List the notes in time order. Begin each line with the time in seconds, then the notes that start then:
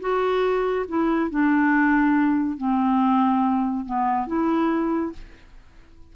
0.00 F#4
0.88 E4
1.30 D4
2.57 C4
3.86 B3
4.27 E4